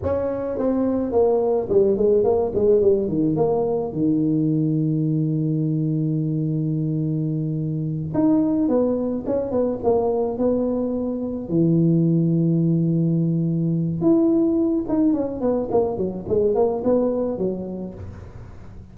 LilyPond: \new Staff \with { instrumentName = "tuba" } { \time 4/4 \tempo 4 = 107 cis'4 c'4 ais4 g8 gis8 | ais8 gis8 g8 dis8 ais4 dis4~ | dis1~ | dis2~ dis8 dis'4 b8~ |
b8 cis'8 b8 ais4 b4.~ | b8 e2.~ e8~ | e4 e'4. dis'8 cis'8 b8 | ais8 fis8 gis8 ais8 b4 fis4 | }